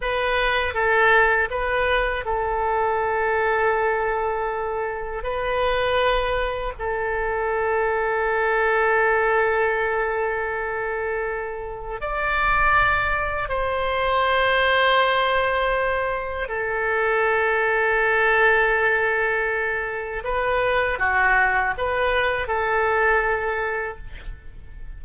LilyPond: \new Staff \with { instrumentName = "oboe" } { \time 4/4 \tempo 4 = 80 b'4 a'4 b'4 a'4~ | a'2. b'4~ | b'4 a'2.~ | a'1 |
d''2 c''2~ | c''2 a'2~ | a'2. b'4 | fis'4 b'4 a'2 | }